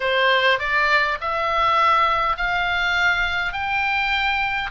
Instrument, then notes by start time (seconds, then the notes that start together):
oboe
0.00 C5
0.59 D5
1.20 E5
2.36 F5
3.52 G5